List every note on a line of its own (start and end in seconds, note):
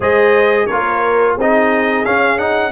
0.00 0.68 G#3
0.00 0.68 G#4
0.00 0.66 C5
0.00 0.66 D#5
0.66 1.36 A#3
0.66 1.39 F4
0.66 1.34 A#4
0.66 1.34 C#5
1.34 2.04 C4
1.34 2.70 G#4
1.40 2.05 D#4
1.40 2.05 D#5
2.05 2.38 C#4
2.05 2.71 C#4
2.05 2.38 F5
2.38 2.71 D#4
2.38 2.71 F#5